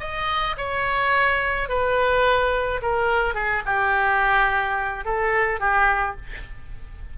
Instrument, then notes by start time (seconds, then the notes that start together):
oboe
0.00 D#5
0.57 C#5
1.69 B4
2.82 A#4
3.34 G#4
3.66 G4
5.05 A4
5.60 G4